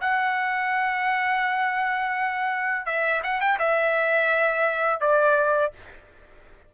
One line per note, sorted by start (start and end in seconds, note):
0.00 2.85 F#5
2.85 3.21 E5
3.23 3.40 F#5
3.40 3.58 G5
3.58 5.00 E5
5.00 5.72 D5